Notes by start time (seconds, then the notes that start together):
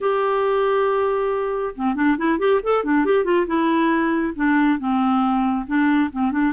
0.00 G4
1.75 C4
1.95 D4
2.17 E4
2.39 G4
2.63 A4
2.84 D4
3.05 G4
3.24 F4
3.46 E4
4.35 D4
4.79 C4
5.66 D4
6.12 C4
6.31 D4